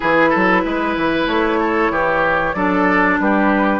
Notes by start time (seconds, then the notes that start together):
0.00 E3 E4 G#4 B4
0.29 F#3 A4
0.64 G#3 B4
0.97 E3
1.26 A3 C#5
1.59 A4
1.90 E3 G4
2.53 F#3 D4 A4 D5
3.19 G3 G4 B4